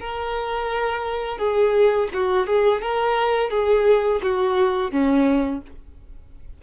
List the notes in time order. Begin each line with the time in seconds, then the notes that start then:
0.00 A#4
1.38 G#4
2.14 F#4
2.47 G#4
2.82 A#4
3.50 G#4
4.23 F#4
4.91 C#4